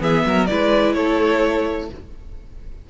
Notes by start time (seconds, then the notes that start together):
0.00 E3 B3 G#4 E5
0.26 F#3 A#4
0.46 G#3 E4 B4 D5
0.94 A3 A4 C#5